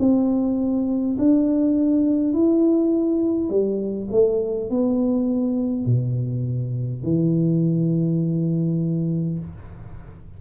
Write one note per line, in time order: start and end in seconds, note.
0.00 1.18 C4
1.19 2.34 D4
2.34 3.50 E4
3.50 4.09 G3
4.12 4.71 A3
4.71 5.86 B3
5.86 7.04 B2
7.04 9.39 E3